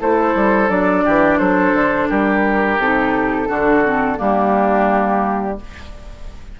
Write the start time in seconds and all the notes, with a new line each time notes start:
0.00 A3 E4 A4 C5
0.35 G3
0.68 F#3 D4 D5
1.04 E3 G4
1.38 F#3 A4 C5
1.73 D3
2.09 G3 G4 A#4
2.78 C3 D#4 A4
3.47 D3 D4 F#4
3.84 C4
4.16 G3 A#3 D4 G4